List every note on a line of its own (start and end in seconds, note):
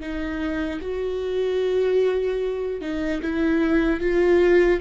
0.00 0.80 D#4
0.81 2.81 F#4
2.81 3.21 D#4
3.22 4.00 E4
4.00 4.80 F4